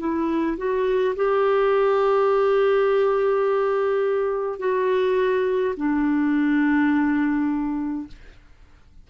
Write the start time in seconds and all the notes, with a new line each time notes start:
0.00 E4
0.58 F#4
1.16 G4
4.59 F#4
5.77 D4